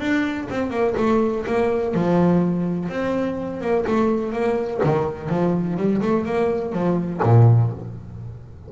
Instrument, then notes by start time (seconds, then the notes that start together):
double bass
0.00 D4
0.50 C4
0.70 A#3
0.97 A3
1.46 A#3
1.94 F3
2.89 C4
3.61 A#3
3.87 A3
4.33 A#3
4.84 D#3
5.29 F3
5.77 G3
6.02 A3
6.26 A#3
6.73 F3
7.23 A#2